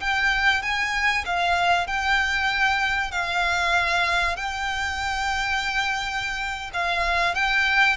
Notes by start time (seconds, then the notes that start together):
0.00 G5
0.62 G#5
1.25 F5
1.87 G5
3.11 F5
4.36 G5
6.73 F5
7.34 G5